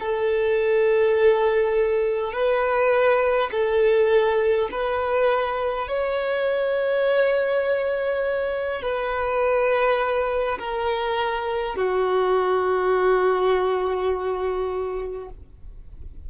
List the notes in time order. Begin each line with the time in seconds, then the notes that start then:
0.00 A4
2.33 B4
3.52 A4
4.72 B4
5.88 C#5
8.82 B4
10.59 A#4
11.76 F#4